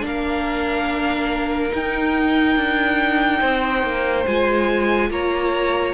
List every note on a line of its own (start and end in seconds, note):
0.00 1.72 A#3
0.00 1.69 D4
0.00 1.75 F5
0.07 3.40 A#4
1.69 4.23 D#4
1.69 2.56 D#4
1.69 4.26 G5
2.56 3.41 D4
3.40 3.83 C4
3.40 5.09 C5
3.83 4.25 A#3
4.26 5.10 G#3
4.26 5.93 F4
4.26 5.11 G#5
5.10 5.93 A#3
5.10 5.93 C#5
5.10 5.93 A#5